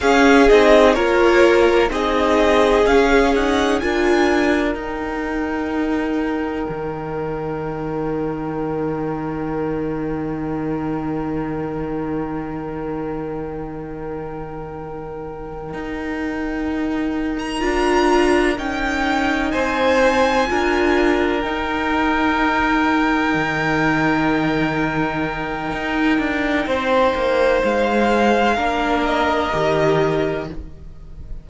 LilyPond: <<
  \new Staff \with { instrumentName = "violin" } { \time 4/4 \tempo 4 = 63 f''8 dis''8 cis''4 dis''4 f''8 fis''8 | gis''4 g''2.~ | g''1~ | g''1~ |
g''2~ g''16 ais''4~ ais''16 g''8~ | g''8 gis''2 g''4.~ | g''1~ | g''4 f''4. dis''4. | }
  \new Staff \with { instrumentName = "violin" } { \time 4/4 gis'4 ais'4 gis'2 | ais'1~ | ais'1~ | ais'1~ |
ais'1~ | ais'8 c''4 ais'2~ ais'8~ | ais'1 | c''2 ais'2 | }
  \new Staff \with { instrumentName = "viola" } { \time 4/4 cis'8 dis'8 f'4 dis'4 cis'8 dis'8 | f'4 dis'2.~ | dis'1~ | dis'1~ |
dis'2~ dis'8 f'4 dis'8~ | dis'4. f'4 dis'4.~ | dis'1~ | dis'2 d'4 g'4 | }
  \new Staff \with { instrumentName = "cello" } { \time 4/4 cis'8 c'8 ais4 c'4 cis'4 | d'4 dis'2 dis4~ | dis1~ | dis1~ |
dis8 dis'2 d'4 cis'8~ | cis'8 c'4 d'4 dis'4.~ | dis'8 dis2~ dis8 dis'8 d'8 | c'8 ais8 gis4 ais4 dis4 | }
>>